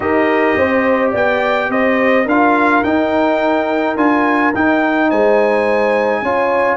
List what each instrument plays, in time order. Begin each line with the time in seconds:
0.00 tuba D#4, trombone G4, horn A#4, trumpet D#5
0.56 tuba C4, horn C5
1.10 tuba B3, horn D5, trumpet G5
1.69 tuba C4, horn C5, trumpet D#5
2.25 tuba D4, trombone F4, horn A#4, trumpet F5
2.83 tuba D#4, trombone D#4, trumpet G5
3.96 tuba D4, trombone F4, trumpet G#5
4.54 tuba D#4, trombone D#4, trumpet G5
5.09 tuba G#3, horn C5, trumpet G#5
6.22 tuba C#4, trombone F4, horn C#5